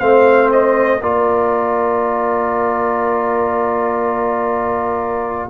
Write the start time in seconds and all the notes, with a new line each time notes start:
0.00 A3 C4 C5 F5
0.52 D#5
1.02 A#3 F4 A#4 D5